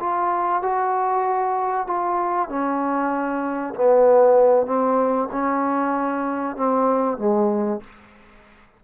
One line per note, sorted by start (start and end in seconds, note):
0.00 0.62 F4
0.62 1.87 F#4
1.87 2.49 F4
2.49 3.74 C#4
3.75 4.66 B3
4.66 5.29 C4
5.32 6.57 C#4
6.57 7.18 C4
7.18 7.81 G#3